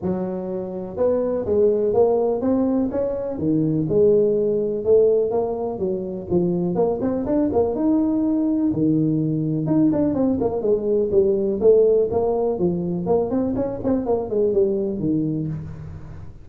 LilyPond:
\new Staff \with { instrumentName = "tuba" } { \time 4/4 \tempo 4 = 124 fis2 b4 gis4 | ais4 c'4 cis'4 dis4 | gis2 a4 ais4 | fis4 f4 ais8 c'8 d'8 ais8 |
dis'2 dis2 | dis'8 d'8 c'8 ais8 gis4 g4 | a4 ais4 f4 ais8 c'8 | cis'8 c'8 ais8 gis8 g4 dis4 | }